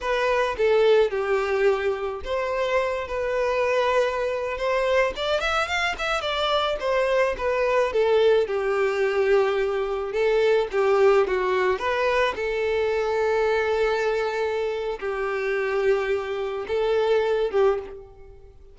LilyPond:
\new Staff \with { instrumentName = "violin" } { \time 4/4 \tempo 4 = 108 b'4 a'4 g'2 | c''4. b'2~ b'8~ | b'16 c''4 d''8 e''8 f''8 e''8 d''8.~ | d''16 c''4 b'4 a'4 g'8.~ |
g'2~ g'16 a'4 g'8.~ | g'16 fis'4 b'4 a'4.~ a'16~ | a'2. g'4~ | g'2 a'4. g'8 | }